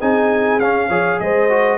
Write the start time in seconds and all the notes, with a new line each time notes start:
0.00 C4 D#4 G#4 G#5
0.60 C#4 F5
0.89 F3 G#4 C#5
1.20 G#3 C5 D#5
1.50 F#4